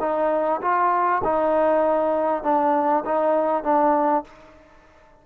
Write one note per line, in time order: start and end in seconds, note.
0.00 0.61 D#4
0.61 1.22 F4
1.24 2.43 D#4
2.43 3.04 D4
3.05 3.63 D#4
3.63 4.24 D4